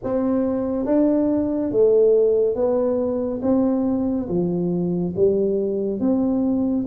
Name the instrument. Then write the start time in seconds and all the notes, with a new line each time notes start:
tuba
0.03 C4
0.85 D4
1.71 A3
2.55 B3
3.42 C4
4.28 F3
5.16 G3
6.00 C4